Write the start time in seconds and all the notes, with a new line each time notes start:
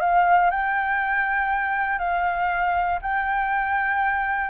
0.00 F5
0.51 G5
1.99 F5
3.02 G5